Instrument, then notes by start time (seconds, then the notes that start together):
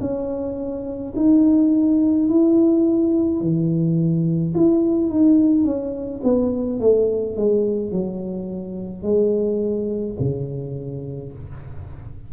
tuba
0.00 C#4
1.16 D#4
2.29 E4
3.41 E3
4.54 E4
5.10 D#4
5.64 C#4
6.24 B3
6.80 A3
7.36 G#3
7.91 F#3
9.03 G#3
10.19 C#3